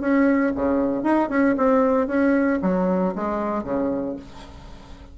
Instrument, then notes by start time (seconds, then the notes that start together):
bassoon
0.00 C#4
0.55 C#3
1.03 D#4
1.29 C#4
1.57 C4
2.07 C#4
2.62 F#3
3.15 G#3
3.63 C#3